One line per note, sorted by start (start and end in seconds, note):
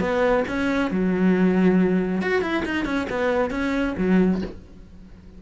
0.00 0.44 B3
0.48 0.91 C#4
0.91 2.22 F#3
2.22 2.41 F#4
2.41 2.63 E4
2.65 2.85 D#4
2.85 3.07 C#4
3.10 3.51 B3
3.51 3.94 C#4
3.98 4.42 F#3